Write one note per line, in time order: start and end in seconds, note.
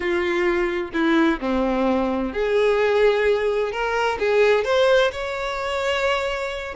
0.00 0.90 F4
0.93 1.39 E4
1.40 2.33 C4
2.33 3.71 G#4
3.71 4.18 A#4
4.19 4.64 G#4
4.64 5.11 C5
5.11 6.74 C#5